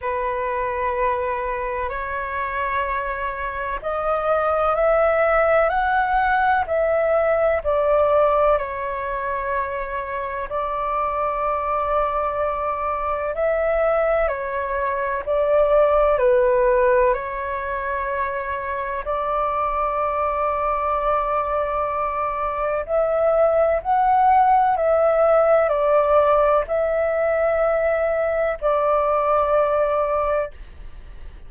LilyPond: \new Staff \with { instrumentName = "flute" } { \time 4/4 \tempo 4 = 63 b'2 cis''2 | dis''4 e''4 fis''4 e''4 | d''4 cis''2 d''4~ | d''2 e''4 cis''4 |
d''4 b'4 cis''2 | d''1 | e''4 fis''4 e''4 d''4 | e''2 d''2 | }